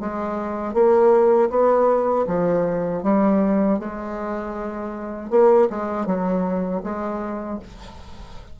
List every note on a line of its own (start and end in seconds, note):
0.00 0.73 G#3
0.73 1.49 A#3
1.49 2.25 B3
2.26 3.02 F3
3.02 3.78 G3
3.79 5.30 G#3
5.30 5.68 A#3
5.70 6.06 G#3
6.06 6.81 F#3
6.83 7.59 G#3